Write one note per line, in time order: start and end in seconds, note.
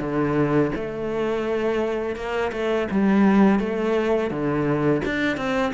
0.00 0.71 D3
0.75 2.16 A3
2.16 2.52 A#3
2.52 2.88 A3
2.91 3.59 G3
3.59 4.31 A3
4.31 5.02 D3
5.05 5.37 D4
5.37 5.73 C4